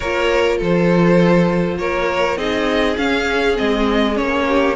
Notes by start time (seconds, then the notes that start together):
0.00 A#3 F4 A#4 C#5
0.58 F3 A4 C5
1.77 A#3 A#4 C#5
2.36 C4 D#4 G#4 D#5
2.97 C#4 F5
3.56 G#3 C4 D#5
4.14 A#3 C#4 C#5
4.48 G4